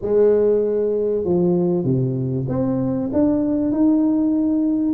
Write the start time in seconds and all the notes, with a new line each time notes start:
0.01 G#3
1.24 F3
1.84 C3
2.48 C4
3.12 D4
3.71 D#4